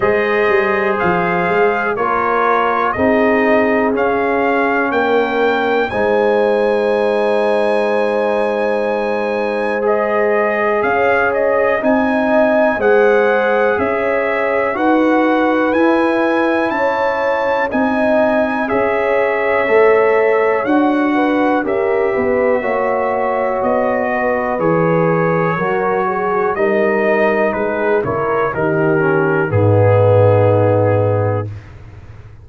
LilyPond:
<<
  \new Staff \with { instrumentName = "trumpet" } { \time 4/4 \tempo 4 = 61 dis''4 f''4 cis''4 dis''4 | f''4 g''4 gis''2~ | gis''2 dis''4 f''8 dis''8 | gis''4 fis''4 e''4 fis''4 |
gis''4 a''4 gis''4 e''4~ | e''4 fis''4 e''2 | dis''4 cis''2 dis''4 | b'8 cis''8 ais'4 gis'2 | }
  \new Staff \with { instrumentName = "horn" } { \time 4/4 c''2 ais'4 gis'4~ | gis'4 ais'4 c''2~ | c''2. cis''4 | dis''4 c''4 cis''4 b'4~ |
b'4 cis''4 dis''4 cis''4~ | cis''4. b'8 ais'8 b'8 cis''4~ | cis''8 b'4. ais'8 gis'8 ais'4 | gis'8 ais'8 g'4 dis'2 | }
  \new Staff \with { instrumentName = "trombone" } { \time 4/4 gis'2 f'4 dis'4 | cis'2 dis'2~ | dis'2 gis'2 | dis'4 gis'2 fis'4 |
e'2 dis'4 gis'4 | a'4 fis'4 g'4 fis'4~ | fis'4 gis'4 fis'4 dis'4~ | dis'8 e'8 dis'8 cis'8 b2 | }
  \new Staff \with { instrumentName = "tuba" } { \time 4/4 gis8 g8 f8 gis8 ais4 c'4 | cis'4 ais4 gis2~ | gis2. cis'4 | c'4 gis4 cis'4 dis'4 |
e'4 cis'4 c'4 cis'4 | a4 d'4 cis'8 b8 ais4 | b4 e4 fis4 g4 | gis8 cis8 dis4 gis,2 | }
>>